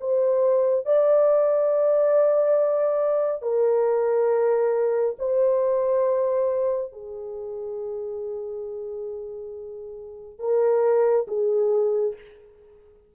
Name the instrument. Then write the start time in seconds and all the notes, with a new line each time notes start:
horn
0.00 C5
0.85 D5
3.42 A#4
5.18 C5
6.92 G#4
10.39 A#4
11.27 G#4